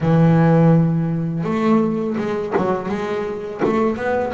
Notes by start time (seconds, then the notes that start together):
0.00 E3
1.43 A3
2.17 G#3
2.57 F#3
2.88 G#3
3.64 A3
3.96 B3